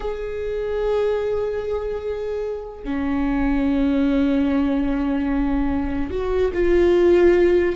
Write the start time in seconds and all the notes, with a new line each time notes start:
0.00 G#4
2.84 C#4
6.10 F#4
6.53 F4